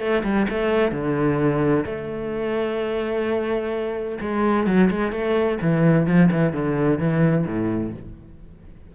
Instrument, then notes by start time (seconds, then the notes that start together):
cello
0.00 A3
0.24 G3
0.50 A3
0.92 D3
1.86 A3
4.21 G#3
4.67 F#3
4.91 G#3
5.12 A3
5.62 E3
6.07 F3
6.32 E3
6.53 D3
6.99 E3
7.47 A2